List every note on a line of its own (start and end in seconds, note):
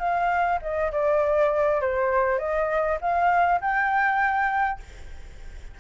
0.00 0.59 F5
0.62 0.92 D#5
0.92 1.81 D5
1.81 2.39 C5
2.39 2.99 D#5
3.02 3.61 F5
3.61 4.80 G5